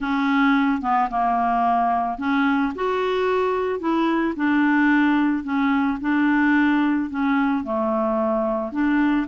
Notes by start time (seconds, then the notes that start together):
0.00 C#4
0.81 B3
1.10 A#3
2.18 C#4
2.75 F#4
3.79 E4
4.36 D4
5.43 C#4
6.00 D4
7.09 C#4
7.63 A3
8.72 D4